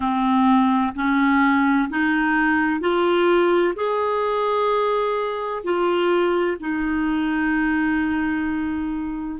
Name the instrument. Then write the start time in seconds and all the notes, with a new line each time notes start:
clarinet
0.00 C4
0.95 C#4
1.89 D#4
2.80 F4
3.75 G#4
5.63 F4
6.60 D#4